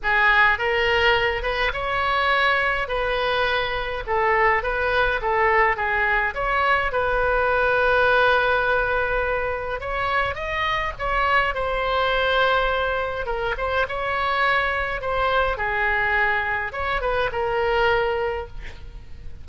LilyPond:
\new Staff \with { instrumentName = "oboe" } { \time 4/4 \tempo 4 = 104 gis'4 ais'4. b'8 cis''4~ | cis''4 b'2 a'4 | b'4 a'4 gis'4 cis''4 | b'1~ |
b'4 cis''4 dis''4 cis''4 | c''2. ais'8 c''8 | cis''2 c''4 gis'4~ | gis'4 cis''8 b'8 ais'2 | }